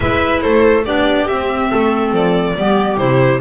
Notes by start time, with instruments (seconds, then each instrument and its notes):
0.00 double bass G#3, clarinet E4, viola B4, violin E5
0.41 double bass A3, viola A4, violin C5
0.84 double bass B3, clarinet D4, viola G4, violin D5
1.27 double bass C4, clarinet C4, violin E5
1.70 double bass A3, viola A4
2.12 double bass F3, violin D5
2.56 double bass G3, clarinet B3, viola G4
2.97 double bass C3, clarinet E4, violin C5